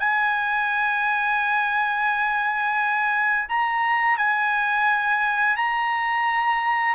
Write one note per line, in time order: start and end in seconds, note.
0.00 3.49 G#5
3.49 4.18 A#5
4.18 5.57 G#5
5.57 6.95 A#5